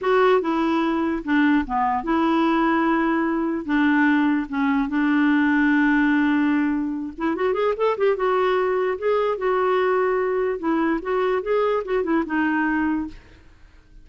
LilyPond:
\new Staff \with { instrumentName = "clarinet" } { \time 4/4 \tempo 4 = 147 fis'4 e'2 d'4 | b4 e'2.~ | e'4 d'2 cis'4 | d'1~ |
d'4. e'8 fis'8 gis'8 a'8 g'8 | fis'2 gis'4 fis'4~ | fis'2 e'4 fis'4 | gis'4 fis'8 e'8 dis'2 | }